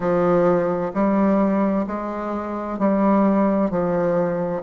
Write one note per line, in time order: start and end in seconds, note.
0.00 0.91 F3
0.94 1.86 G3
1.86 2.79 G#3
2.79 3.70 G3
3.70 4.62 F3